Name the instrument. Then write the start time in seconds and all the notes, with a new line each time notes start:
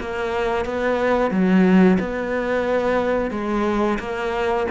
cello
0.00 A#3
0.65 B3
1.31 F#3
1.99 B3
3.31 G#3
3.99 A#3